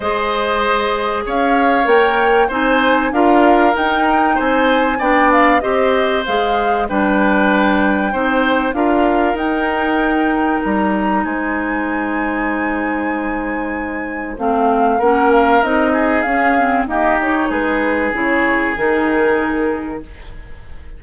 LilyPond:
<<
  \new Staff \with { instrumentName = "flute" } { \time 4/4 \tempo 4 = 96 dis''2 f''4 g''4 | gis''4 f''4 g''4 gis''4 | g''8 f''8 dis''4 f''4 g''4~ | g''2 f''4 g''4~ |
g''4 ais''4 gis''2~ | gis''2. f''4 | fis''8 f''8 dis''4 f''4 dis''8 cis''8 | b'4 cis''4 ais'2 | }
  \new Staff \with { instrumentName = "oboe" } { \time 4/4 c''2 cis''2 | c''4 ais'2 c''4 | d''4 c''2 b'4~ | b'4 c''4 ais'2~ |
ais'2 c''2~ | c''1 | ais'4. gis'4. g'4 | gis'1 | }
  \new Staff \with { instrumentName = "clarinet" } { \time 4/4 gis'2. ais'4 | dis'4 f'4 dis'2 | d'4 g'4 gis'4 d'4~ | d'4 dis'4 f'4 dis'4~ |
dis'1~ | dis'2. c'4 | cis'4 dis'4 cis'8 c'8 ais8 dis'8~ | dis'4 e'4 dis'2 | }
  \new Staff \with { instrumentName = "bassoon" } { \time 4/4 gis2 cis'4 ais4 | c'4 d'4 dis'4 c'4 | b4 c'4 gis4 g4~ | g4 c'4 d'4 dis'4~ |
dis'4 g4 gis2~ | gis2. a4 | ais4 c'4 cis'4 dis'4 | gis4 cis4 dis2 | }
>>